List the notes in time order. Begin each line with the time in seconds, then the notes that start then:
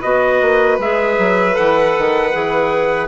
0.00 B3 F#4 B4 D#5
0.41 A#3
0.79 G#3 G#4 E5
1.18 F#3
1.52 E3 A4 F#5
1.98 D#3
2.33 E3 G#4